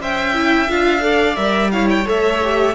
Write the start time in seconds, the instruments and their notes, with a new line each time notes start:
0.00 cello C#4, viola C5, violin E5 G5
0.34 viola E4
0.69 cello D4, viola F4, violin F5
1.01 viola A4, violin D5
1.36 cello G3, viola A#4, violin E5
1.72 viola E4, violin C#5 F5
1.90 violin G5
2.05 cello A3, viola A4, violin E5
2.44 viola G4